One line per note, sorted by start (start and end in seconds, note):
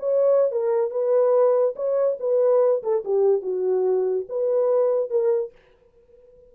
0.00 0.52 C#5
0.52 0.91 A#4
0.91 1.75 B4
1.76 2.18 C#5
2.20 2.83 B4
2.83 3.04 A4
3.05 3.42 G4
3.42 4.26 F#4
4.29 5.10 B4
5.10 5.52 A#4